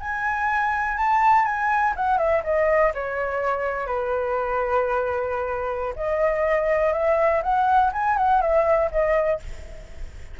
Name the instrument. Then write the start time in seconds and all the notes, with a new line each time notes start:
flute
0.00 G#5
0.98 A5
1.45 G#5
1.96 F#5
2.18 E5
2.44 D#5
2.94 C#5
3.87 B4
5.96 D#5
6.93 E5
7.43 F#5
7.93 G#5
8.17 F#5
8.42 E5
8.91 D#5